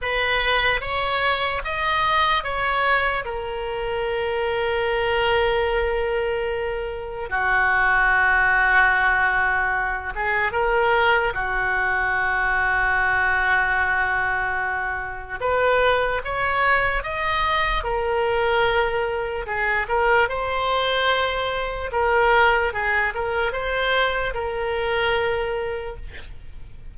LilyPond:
\new Staff \with { instrumentName = "oboe" } { \time 4/4 \tempo 4 = 74 b'4 cis''4 dis''4 cis''4 | ais'1~ | ais'4 fis'2.~ | fis'8 gis'8 ais'4 fis'2~ |
fis'2. b'4 | cis''4 dis''4 ais'2 | gis'8 ais'8 c''2 ais'4 | gis'8 ais'8 c''4 ais'2 | }